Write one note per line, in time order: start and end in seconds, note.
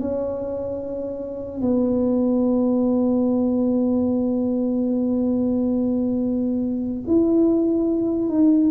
0.00 1.62 C#4
1.62 7.03 B3
7.07 8.29 E4
8.29 8.71 D#4